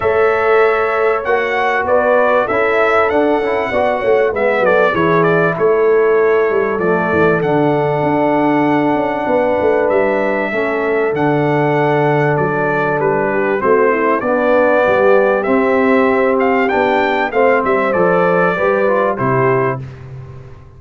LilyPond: <<
  \new Staff \with { instrumentName = "trumpet" } { \time 4/4 \tempo 4 = 97 e''2 fis''4 d''4 | e''4 fis''2 e''8 d''8 | cis''8 d''8 cis''2 d''4 | fis''1 |
e''2 fis''2 | d''4 b'4 c''4 d''4~ | d''4 e''4. f''8 g''4 | f''8 e''8 d''2 c''4 | }
  \new Staff \with { instrumentName = "horn" } { \time 4/4 cis''2. b'4 | a'2 d''8 cis''8 b'8 a'8 | gis'4 a'2.~ | a'2. b'4~ |
b'4 a'2.~ | a'4. g'8 fis'8 e'8 d'4 | g'1 | c''2 b'4 g'4 | }
  \new Staff \with { instrumentName = "trombone" } { \time 4/4 a'2 fis'2 | e'4 d'8 e'8 fis'4 b4 | e'2. a4 | d'1~ |
d'4 cis'4 d'2~ | d'2 c'4 b4~ | b4 c'2 d'4 | c'4 a'4 g'8 f'8 e'4 | }
  \new Staff \with { instrumentName = "tuba" } { \time 4/4 a2 ais4 b4 | cis'4 d'8 cis'8 b8 a8 gis8 fis8 | e4 a4. g8 f8 e8 | d4 d'4. cis'8 b8 a8 |
g4 a4 d2 | fis4 g4 a4 b4 | g4 c'2 b4 | a8 g8 f4 g4 c4 | }
>>